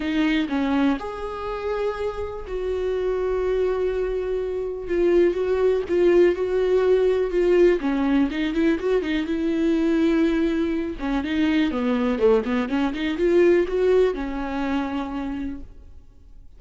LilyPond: \new Staff \with { instrumentName = "viola" } { \time 4/4 \tempo 4 = 123 dis'4 cis'4 gis'2~ | gis'4 fis'2.~ | fis'2 f'4 fis'4 | f'4 fis'2 f'4 |
cis'4 dis'8 e'8 fis'8 dis'8 e'4~ | e'2~ e'8 cis'8 dis'4 | b4 a8 b8 cis'8 dis'8 f'4 | fis'4 cis'2. | }